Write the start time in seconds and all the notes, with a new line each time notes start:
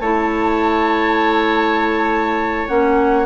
0.00 A3 E4 C#5 A5
2.68 A#3 C#4 F#5